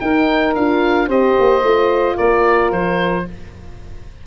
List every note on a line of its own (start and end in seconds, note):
0.00 0.55 D#4
0.00 0.57 D#4
0.00 1.07 A#4
0.00 0.54 G5
0.55 1.08 D4
0.55 1.08 F4
0.55 1.09 F5
1.07 1.35 C4
1.07 1.62 G4
1.07 2.15 C5
1.07 2.17 D#5
1.40 1.62 A#3
1.62 2.17 A3
1.62 3.26 F4
2.16 2.71 A#3
2.16 3.24 A#4
2.16 2.71 D5
2.71 3.25 F3
2.71 3.26 C5